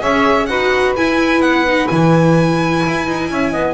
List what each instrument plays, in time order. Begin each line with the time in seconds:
0.00 double bass C#4, viola G#4, saxophone C#5, violin E5
0.46 double bass D#4, viola F#4, saxophone B4, violin F#5
0.96 viola E4, double bass E4, violin G#5
1.40 double bass B3, violin F#5
1.67 viola D#4
1.87 double bass E3, viola E4, violin G#5
2.86 double bass E4
3.07 double bass D#4
3.31 double bass C#4, saxophone E5
3.51 double bass B3, saxophone D#5